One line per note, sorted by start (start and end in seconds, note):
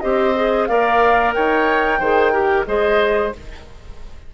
0.00 0.69 C4
0.00 0.35 G4
0.00 0.69 C5
0.00 0.66 D#5
0.35 0.68 G#4
0.66 1.35 A#3
0.66 2.00 A#4
0.66 1.35 D5
0.66 1.32 F5
1.34 2.00 D#4
1.34 1.99 C#5
1.34 2.65 G5
1.99 2.66 D#3
1.99 2.32 G#4
1.99 2.32 C5
2.32 2.65 G4
2.32 2.65 A#4
2.66 3.33 G#3
2.66 3.32 G#4
2.66 3.34 C5
2.66 3.32 D#5